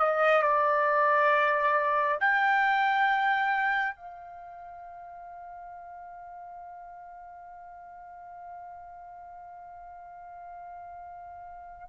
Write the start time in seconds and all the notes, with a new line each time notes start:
0.00 D#5
0.43 D5
2.21 G5
3.96 F5